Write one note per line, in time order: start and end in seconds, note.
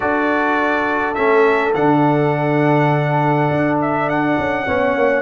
0.00 1.17 D4
0.00 1.15 F#4
0.00 4.64 A4
0.00 1.14 D5
1.14 1.74 A3
1.14 1.74 C#4
1.14 1.72 E5
1.74 3.49 D3
1.74 4.66 D4
1.74 3.78 F#5
3.50 4.37 D4
3.80 4.09 E5
4.09 5.21 F#5
4.38 4.67 C#4
4.65 4.95 B3
4.65 5.21 C#4
4.65 5.21 C#5
4.95 5.21 A#3